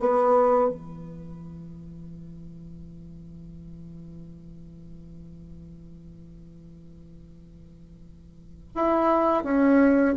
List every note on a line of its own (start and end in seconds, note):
0.00 0.69 B3
0.69 8.73 E3
8.75 9.44 E4
9.44 10.15 C#4